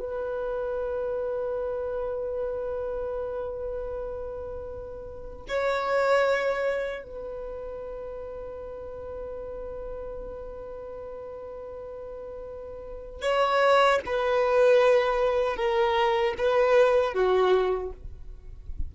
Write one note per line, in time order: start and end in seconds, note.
0.00 5.45 B4
5.49 7.04 C#5
7.04 13.22 B4
13.22 14.00 C#5
14.06 15.57 B4
15.57 16.35 A#4
16.38 17.14 B4
17.14 17.92 F#4